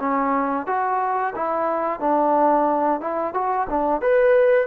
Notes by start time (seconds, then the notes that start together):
0.00 C#4
0.66 F#4
1.35 E4
2.00 D4
3.01 E4
3.34 F#4
3.69 D4
4.02 B4